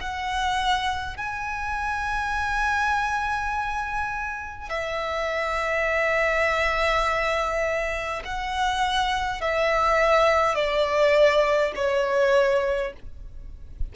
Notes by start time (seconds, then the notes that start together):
0.00 F#5
1.17 G#5
4.70 E5
8.25 F#5
9.41 E5
10.55 D5
11.75 C#5